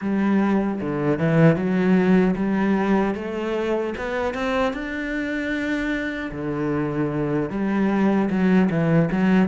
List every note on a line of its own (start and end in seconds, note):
0.01 0.80 G3
0.80 1.18 D3
1.18 1.55 E3
1.55 2.34 F#3
2.35 3.14 G3
3.14 3.93 A3
3.97 4.33 B3
4.33 4.73 C4
4.73 6.31 D4
6.31 7.50 D3
7.50 8.29 G3
8.29 8.69 F#3
8.69 9.09 E3
9.11 9.48 F#3